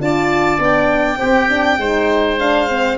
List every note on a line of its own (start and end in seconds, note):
0.00 0.58 D4
0.00 0.59 F4
0.00 1.19 D5
0.00 0.60 A5
0.58 1.18 B3
0.58 1.17 D4
0.58 2.39 G5
1.17 1.46 C4
1.17 1.78 G4
1.23 1.77 C4
1.49 1.79 D4
1.77 2.96 G#3
1.77 2.39 D#4
1.77 2.98 C5
2.39 2.68 D4
2.39 2.98 F5
2.68 2.98 C4